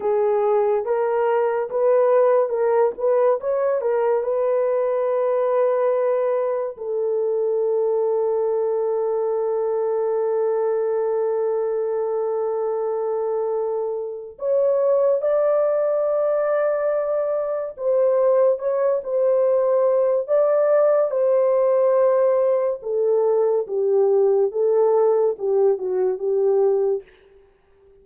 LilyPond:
\new Staff \with { instrumentName = "horn" } { \time 4/4 \tempo 4 = 71 gis'4 ais'4 b'4 ais'8 b'8 | cis''8 ais'8 b'2. | a'1~ | a'1~ |
a'4 cis''4 d''2~ | d''4 c''4 cis''8 c''4. | d''4 c''2 a'4 | g'4 a'4 g'8 fis'8 g'4 | }